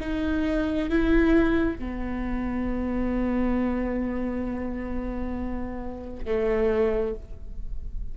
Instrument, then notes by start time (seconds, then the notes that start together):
viola
0.00 D#4
0.89 E4
1.79 B3
6.25 A3